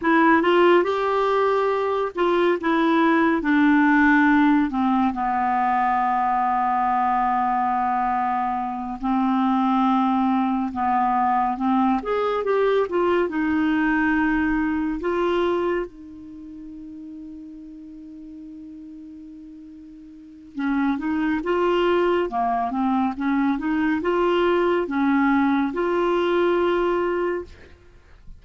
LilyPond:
\new Staff \with { instrumentName = "clarinet" } { \time 4/4 \tempo 4 = 70 e'8 f'8 g'4. f'8 e'4 | d'4. c'8 b2~ | b2~ b8 c'4.~ | c'8 b4 c'8 gis'8 g'8 f'8 dis'8~ |
dis'4. f'4 dis'4.~ | dis'1 | cis'8 dis'8 f'4 ais8 c'8 cis'8 dis'8 | f'4 cis'4 f'2 | }